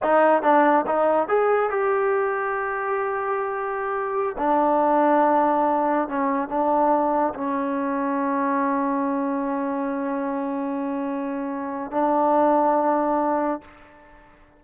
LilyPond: \new Staff \with { instrumentName = "trombone" } { \time 4/4 \tempo 4 = 141 dis'4 d'4 dis'4 gis'4 | g'1~ | g'2~ g'16 d'4.~ d'16~ | d'2~ d'16 cis'4 d'8.~ |
d'4~ d'16 cis'2~ cis'8.~ | cis'1~ | cis'1 | d'1 | }